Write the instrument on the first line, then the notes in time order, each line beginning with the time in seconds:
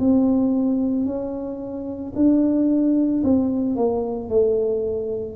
tuba
0.00 C4
1.06 C#4
2.16 D4
3.23 C4
3.76 A#3
4.29 A3